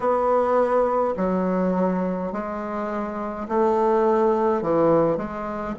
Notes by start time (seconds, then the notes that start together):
0.00 B3
1.16 F#3
2.32 G#3
3.48 A3
4.62 E3
5.17 G#3